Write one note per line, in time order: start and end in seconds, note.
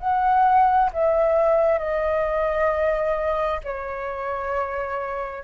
0.00 0.91 F#5
0.94 1.79 E5
1.79 3.61 D#5
3.64 5.44 C#5